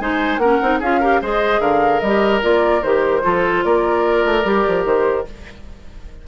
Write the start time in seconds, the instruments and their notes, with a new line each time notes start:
0.00 bassoon G#3, clarinet D#4, oboe C5, flute G#5
0.38 bassoon A#3, clarinet C#4, oboe A#4, flute F#5
0.62 bassoon C4, clarinet D#4
0.80 bassoon C#4, clarinet F4, oboe G#4, flute F5
1.00 clarinet G4, oboe A#4
1.22 bassoon G#3, clarinet G#4, oboe C5, flute D#5
1.60 bassoon D3, oboe A#4, flute F5
2.00 bassoon G3, clarinet G4, flute D#5
2.42 bassoon A#3, clarinet F4, flute D5
2.83 bassoon D#3, clarinet G4, flute C5
3.23 bassoon F3, clarinet F4, oboe A4
3.64 bassoon A#3, oboe A#4, flute D5
4.25 bassoon A3
4.45 bassoon G3, clarinet G4
4.68 bassoon F3
4.85 bassoon D#3, flute C5